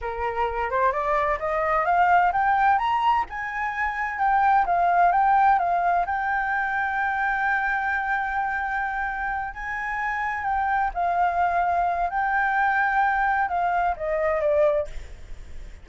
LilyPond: \new Staff \with { instrumentName = "flute" } { \time 4/4 \tempo 4 = 129 ais'4. c''8 d''4 dis''4 | f''4 g''4 ais''4 gis''4~ | gis''4 g''4 f''4 g''4 | f''4 g''2.~ |
g''1~ | g''8 gis''2 g''4 f''8~ | f''2 g''2~ | g''4 f''4 dis''4 d''4 | }